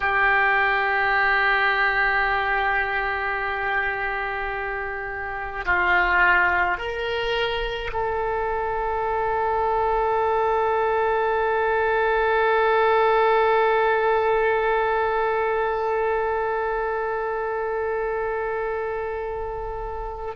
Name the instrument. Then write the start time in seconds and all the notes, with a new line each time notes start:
oboe
0.00 G4
5.65 F4
6.77 A#4
7.92 A4